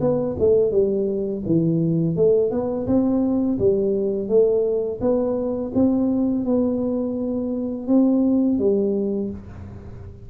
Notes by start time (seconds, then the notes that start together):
0.00 B3
0.39 A3
0.71 G3
1.46 E3
2.16 A3
2.51 B3
2.87 C4
3.59 G3
4.28 A3
5.00 B3
5.74 C4
6.44 B3
7.87 C4
8.58 G3